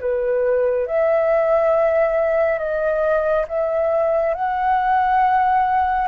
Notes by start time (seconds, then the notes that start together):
0.00 B4
0.86 E5
2.58 D#5
3.47 E5
4.34 F#5